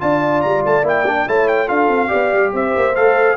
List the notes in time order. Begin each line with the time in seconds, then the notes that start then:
0.00 D4 F4 D5 A5
0.42 G3 A#5
0.65 A3 A5
0.83 A#3 E4 G5
1.07 D4
1.27 A3 E4 C#5 A5
1.48 G5
1.68 D4 F4 A4 F5
1.88 C4
2.08 B3 G4 D5
2.33 G3
2.53 C4 C5 E5
2.76 A#3
2.95 A3 A4 F5